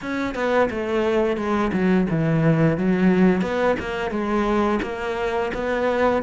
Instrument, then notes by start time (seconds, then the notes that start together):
cello
0.01 C#4
0.34 B3
0.70 A3
1.36 G#3
1.72 F#3
2.09 E3
2.77 F#3
3.41 B3
3.79 A#3
4.10 G#3
4.82 A#3
5.54 B3